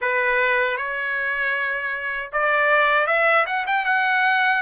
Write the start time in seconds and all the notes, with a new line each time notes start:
0.01 B4
0.77 C#5
2.32 D5
3.06 E5
3.46 F#5
3.66 G5
3.85 F#5